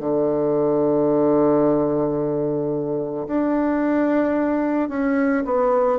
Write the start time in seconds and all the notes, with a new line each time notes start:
0.00 D3
3.27 D4
4.89 C#4
5.45 B3